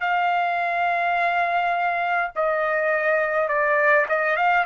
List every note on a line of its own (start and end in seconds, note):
0.00 2.31 F5
2.35 3.48 D#5
3.48 4.06 D5
4.09 4.36 D#5
4.36 4.65 F5